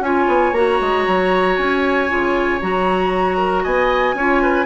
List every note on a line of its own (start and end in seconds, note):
0.00 0.26 C#4
0.00 0.55 F4
0.00 3.37 C#5
0.00 0.54 G#5
0.27 0.52 B3
0.52 0.78 A#3
0.52 2.09 F#4
0.52 1.56 A#5
0.81 1.07 G#3
1.07 1.58 F#3
1.56 2.10 C#4
1.56 2.60 G#5
2.09 2.62 C#3
2.09 2.60 F4
2.61 3.65 F#3
2.61 4.16 F#4
2.61 3.64 A#5
3.37 3.63 A#4
3.63 4.14 B3
3.63 4.15 D#5
3.63 4.66 G#5
4.14 4.66 C#4
4.14 4.66 F4
4.14 4.42 C#5
4.42 4.66 B4